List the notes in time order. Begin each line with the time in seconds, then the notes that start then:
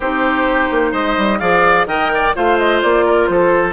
0.00 C4 D#4 G4 C5
0.71 A#3
0.91 G#3 C5 D#5
1.17 G3
1.39 F3 G#4 D5 F5
1.85 D#3 A#4 D#5 G5
2.13 D5
2.35 A3 F4 C5 F5
2.58 D#5
2.82 A#3 D5
3.05 A#4
3.26 F3 A4 C5